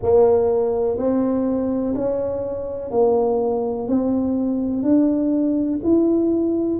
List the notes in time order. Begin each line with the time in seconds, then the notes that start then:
0.02 A#3
0.97 C4
1.94 C#4
2.90 A#3
3.87 C4
4.83 D4
5.83 E4